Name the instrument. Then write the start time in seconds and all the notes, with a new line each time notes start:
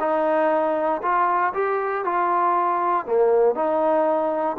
trombone
0.00 D#4
1.02 F4
1.54 G4
2.05 F4
3.06 A#3
3.55 D#4